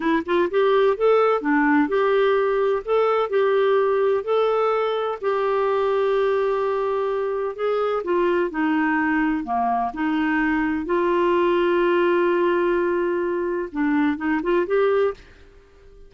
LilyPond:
\new Staff \with { instrumentName = "clarinet" } { \time 4/4 \tempo 4 = 127 e'8 f'8 g'4 a'4 d'4 | g'2 a'4 g'4~ | g'4 a'2 g'4~ | g'1 |
gis'4 f'4 dis'2 | ais4 dis'2 f'4~ | f'1~ | f'4 d'4 dis'8 f'8 g'4 | }